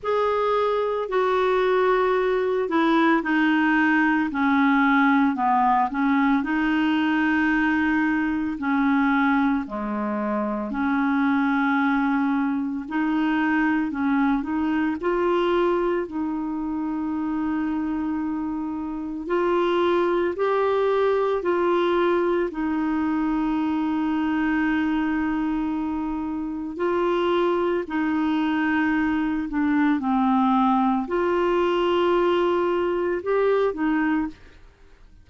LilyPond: \new Staff \with { instrumentName = "clarinet" } { \time 4/4 \tempo 4 = 56 gis'4 fis'4. e'8 dis'4 | cis'4 b8 cis'8 dis'2 | cis'4 gis4 cis'2 | dis'4 cis'8 dis'8 f'4 dis'4~ |
dis'2 f'4 g'4 | f'4 dis'2.~ | dis'4 f'4 dis'4. d'8 | c'4 f'2 g'8 dis'8 | }